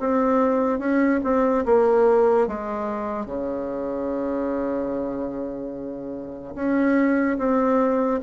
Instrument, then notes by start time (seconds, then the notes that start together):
bassoon
0.00 C4
0.80 C#4
1.24 C4
1.66 A#3
2.48 G#3
3.26 C#3
6.56 C#4
7.39 C4